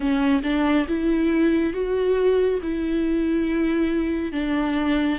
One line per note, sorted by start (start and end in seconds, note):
0.00 0.42 C#4
0.43 0.87 D4
0.87 1.73 E4
1.73 2.60 F#4
2.62 4.32 E4
4.32 5.19 D4